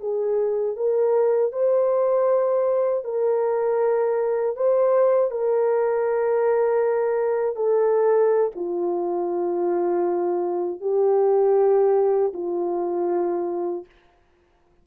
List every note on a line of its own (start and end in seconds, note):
0.00 0.76 G#4
0.76 1.52 A#4
1.52 3.04 C5
3.04 4.56 A#4
4.56 5.31 C5
5.31 7.55 A#4
7.55 8.50 A4
8.55 10.80 F4
10.80 12.32 G4
12.33 13.85 F4